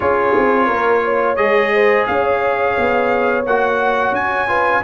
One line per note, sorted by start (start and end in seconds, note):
0.00 0.35 C#4
0.00 1.37 F4
0.00 0.66 G#4
0.00 1.35 C#5
0.36 0.69 C4
0.66 1.37 A#3
0.66 1.01 A#4
1.04 1.73 C#5
1.35 2.06 G#3
1.35 3.44 G#4
1.35 2.04 D#5
1.74 2.08 C5
2.06 2.77 C#4
2.06 4.48 C#5
2.06 3.44 F5
2.77 3.46 B3
3.46 4.11 A#3
3.46 4.48 F#4
3.46 4.14 F#5
4.11 4.80 C#4
4.11 4.83 G#5
4.48 4.82 F4
4.48 4.82 B4